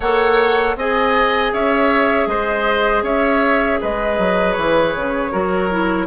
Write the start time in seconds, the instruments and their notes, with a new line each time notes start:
0.00 bassoon A#3, clarinet A4, oboe C#5, flute F#5
0.75 bassoon C4, clarinet G#4, oboe D#5, flute G#5
1.52 bassoon C#4, oboe C#5, flute E5
2.27 bassoon G#3, oboe C5, flute D#5
3.02 bassoon C#4, oboe C#5, flute E5
3.81 bassoon G#3, oboe B4, flute D#5
4.18 bassoon F#3
4.52 bassoon E3, flute C#5
4.95 bassoon C#3
5.31 bassoon F#3, clarinet F#4, oboe A#4
5.70 clarinet E4